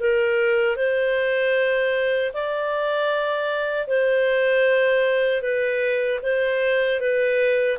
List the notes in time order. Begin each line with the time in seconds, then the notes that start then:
0.00 A#4
0.76 C5
2.33 D5
3.88 C5
5.42 B4
6.23 C5
7.00 B4